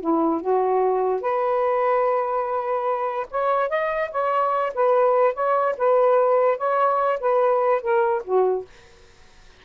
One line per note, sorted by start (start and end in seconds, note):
0.00 0.41 E4
0.41 1.21 F#4
1.21 3.27 B4
3.30 3.69 C#5
3.69 4.10 D#5
4.11 4.73 C#5
4.74 5.34 B4
5.34 5.75 C#5
5.77 6.57 B4
6.57 7.19 C#5
7.20 7.81 B4
7.81 8.22 A#4
8.24 8.65 F#4